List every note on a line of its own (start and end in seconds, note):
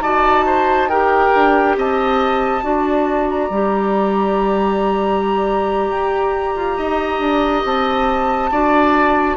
0.00 1.30 D#4
0.00 0.90 F#4
0.00 0.46 D5
0.00 0.89 A5
0.46 0.90 C5
0.89 2.63 G4
0.89 1.77 A#4
0.89 1.76 G5
1.35 1.77 D4
1.77 2.63 C4
1.77 2.64 D#5
1.77 3.30 A5
2.63 3.50 D4
2.63 3.50 F#4
2.63 6.77 D5
3.30 7.64 A#5
3.50 5.89 G3
3.50 8.53 G4
5.89 6.55 G4
6.56 6.78 F4
6.77 7.20 D#4
6.77 8.51 D#5
7.20 7.63 D4
7.65 8.52 C4
7.65 9.37 A5
8.52 9.37 D4
8.52 9.37 F#4
8.52 9.37 D5